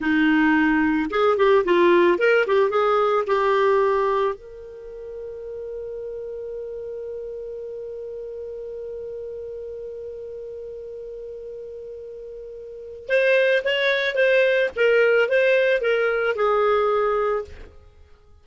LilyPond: \new Staff \with { instrumentName = "clarinet" } { \time 4/4 \tempo 4 = 110 dis'2 gis'8 g'8 f'4 | ais'8 g'8 gis'4 g'2 | ais'1~ | ais'1~ |
ais'1~ | ais'1 | c''4 cis''4 c''4 ais'4 | c''4 ais'4 gis'2 | }